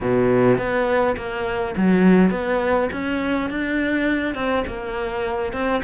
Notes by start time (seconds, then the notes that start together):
0.00 B2
0.57 B3
1.16 A#3
1.76 F#3
2.30 B3
2.92 C#4
3.50 D4
4.34 C4
4.67 A#3
5.52 C4